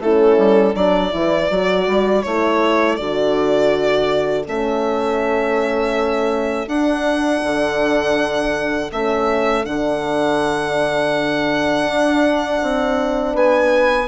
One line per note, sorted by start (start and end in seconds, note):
0.00 0.37 A3
0.00 0.75 C#4
0.00 0.76 E4
0.00 0.76 A4
0.38 0.75 G3
0.75 1.13 F#3
0.75 1.11 D4
0.75 13.33 A4
0.75 2.23 D5
1.11 1.51 E3
1.11 1.48 E4
1.51 1.87 F#3
1.51 2.25 F#4
1.87 2.25 G3
2.23 2.99 A3
2.23 3.00 E4
2.23 2.96 C#5
2.96 4.48 D3
2.96 4.47 F#4
2.96 4.44 D5
4.47 6.67 A3
4.47 6.69 C#4
4.47 6.69 E5
6.67 7.41 D4
6.67 8.92 D4
6.67 8.91 F#5
7.43 8.92 D3
8.92 9.66 A3
8.92 9.65 C#4
8.92 9.66 E5
9.65 11.86 D3
9.65 14.09 D4
9.65 13.36 F#5
11.86 12.60 D4
12.63 13.35 C4
13.33 14.09 B3
13.33 14.07 B4
13.33 14.09 G#5